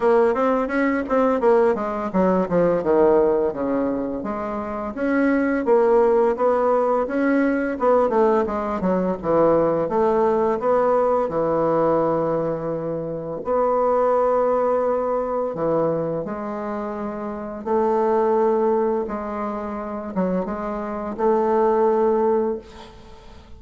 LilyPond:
\new Staff \with { instrumentName = "bassoon" } { \time 4/4 \tempo 4 = 85 ais8 c'8 cis'8 c'8 ais8 gis8 fis8 f8 | dis4 cis4 gis4 cis'4 | ais4 b4 cis'4 b8 a8 | gis8 fis8 e4 a4 b4 |
e2. b4~ | b2 e4 gis4~ | gis4 a2 gis4~ | gis8 fis8 gis4 a2 | }